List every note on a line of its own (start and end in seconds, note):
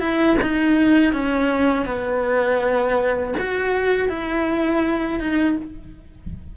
0.00 0.37 E4
0.42 1.13 D#4
1.13 1.86 C#4
1.86 3.34 B3
3.39 4.09 F#4
4.09 5.20 E4
5.20 5.57 D#4